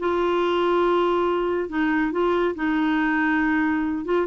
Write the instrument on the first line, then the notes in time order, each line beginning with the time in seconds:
clarinet
0.00 F4
1.69 D#4
2.12 F4
2.55 D#4
4.06 F4